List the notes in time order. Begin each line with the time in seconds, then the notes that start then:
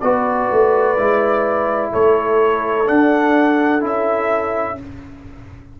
0.00 B3 F#4 B4 D5
0.52 A3
0.97 G#3 E4
1.92 A3 A4 C#5
2.86 D4 F#5
3.80 C#4 E4 E5